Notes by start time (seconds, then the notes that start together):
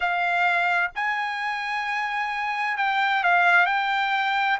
0.00 F5
0.95 G#5
2.77 G5
3.23 F5
3.66 G5